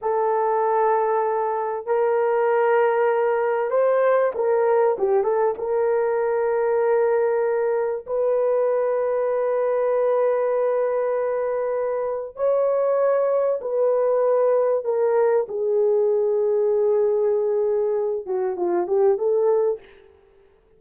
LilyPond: \new Staff \with { instrumentName = "horn" } { \time 4/4 \tempo 4 = 97 a'2. ais'4~ | ais'2 c''4 ais'4 | g'8 a'8 ais'2.~ | ais'4 b'2.~ |
b'1 | cis''2 b'2 | ais'4 gis'2.~ | gis'4. fis'8 f'8 g'8 a'4 | }